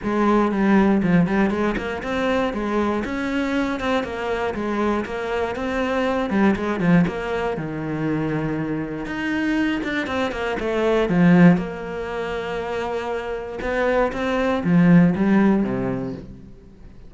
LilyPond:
\new Staff \with { instrumentName = "cello" } { \time 4/4 \tempo 4 = 119 gis4 g4 f8 g8 gis8 ais8 | c'4 gis4 cis'4. c'8 | ais4 gis4 ais4 c'4~ | c'8 g8 gis8 f8 ais4 dis4~ |
dis2 dis'4. d'8 | c'8 ais8 a4 f4 ais4~ | ais2. b4 | c'4 f4 g4 c4 | }